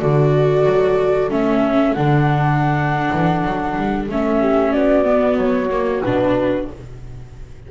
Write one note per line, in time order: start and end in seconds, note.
0.00 0.66 D3
0.00 1.30 F#4
0.00 4.40 A4
0.00 1.31 D5
0.66 1.31 F#3
1.31 1.96 A3
1.31 1.96 C#4
1.31 1.94 E5
1.94 3.11 D3
1.94 4.09 D4
1.94 4.06 F#5
3.13 3.45 E3
3.45 3.77 F#3
3.77 4.09 G3
4.09 4.74 A3
4.09 5.05 C#4
4.09 4.73 E5
4.40 4.72 G4
4.72 5.37 B3
4.72 6.68 F#4
4.72 5.38 D5
5.05 5.71 B3
5.37 6.02 F#3
5.37 6.03 C#5
5.71 6.04 A#3
6.03 6.70 B2
6.03 6.72 D4
6.03 6.68 B4